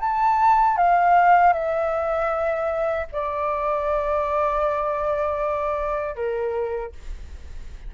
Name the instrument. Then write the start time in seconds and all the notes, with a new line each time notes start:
flute
0.00 A5
0.77 F5
1.52 E5
3.12 D5
6.15 A#4